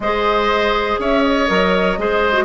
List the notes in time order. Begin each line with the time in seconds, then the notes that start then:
0.00 G#3 G#4 C5 D#5
0.99 C#4 C#5 E5
1.23 D#5
1.47 F#3 A#4
1.98 G#3 G#4 C5
2.32 F#4